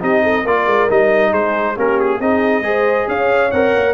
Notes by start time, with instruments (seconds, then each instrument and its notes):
0.00 tuba C4, trombone D#4, horn G4, trumpet D#5
0.22 horn A4
0.43 tuba A#3, trombone F4, horn A#4, trumpet D5
0.66 tuba G#3
0.89 tuba G3, trombone D#4, trumpet D#5
1.30 tuba G#3, horn G#4, trumpet C5
1.76 tuba A#3, trombone C#4, horn G4, trumpet A#4
1.99 trumpet G#4
2.19 tuba C4, trombone D#4, horn G#4, trumpet D#5
2.61 tuba G#3, trombone G#4, horn C5
3.08 tuba C#4, horn C#5, trumpet F5
3.51 tuba C4, trombone A#4, trumpet F#5
3.75 tuba A#3